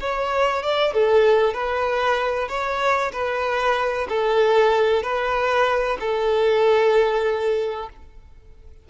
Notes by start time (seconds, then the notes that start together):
0.00 C#5
0.63 D5
0.94 A4
1.54 B4
2.48 C#5
3.13 B4
4.09 A4
5.03 B4
6.00 A4